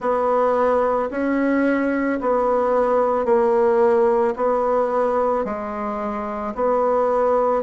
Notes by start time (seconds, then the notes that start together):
0.00 B3
1.10 C#4
2.21 B3
3.25 A#3
4.35 B3
5.44 G#3
6.55 B3